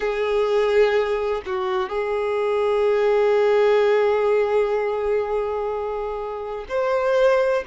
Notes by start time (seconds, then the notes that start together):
0.00 G#4
1.45 F#4
1.89 G#4
6.68 C5